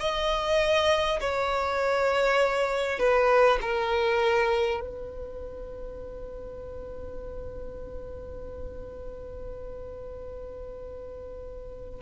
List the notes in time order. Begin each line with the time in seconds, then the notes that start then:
0.00 D#5
1.21 C#5
2.99 B4
3.62 A#4
4.81 B4